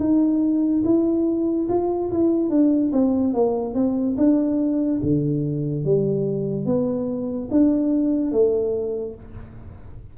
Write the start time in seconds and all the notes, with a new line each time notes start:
0.00 D#4
0.84 E4
1.69 F4
2.12 E4
2.50 D4
2.92 C4
3.34 A#3
3.75 C4
4.17 D4
5.03 D3
5.85 G3
6.66 B3
7.51 D4
8.32 A3